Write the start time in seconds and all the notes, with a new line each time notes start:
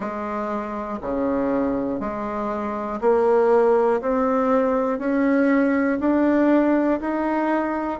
0.00 G#3
1.01 C#3
2.00 G#3
3.00 A#3
4.00 C4
4.99 C#4
6.00 D4
7.00 D#4